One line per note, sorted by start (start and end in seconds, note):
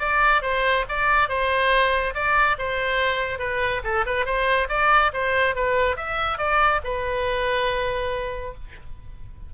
0.00 0.43 D5
0.43 0.85 C5
0.89 1.29 D5
1.29 2.15 C5
2.15 2.57 D5
2.59 3.39 C5
3.39 3.82 B4
3.85 4.06 A4
4.06 4.26 B4
4.26 4.68 C5
4.69 5.12 D5
5.14 5.56 C5
5.56 5.97 B4
5.97 6.38 E5
6.38 6.81 D5
6.84 8.55 B4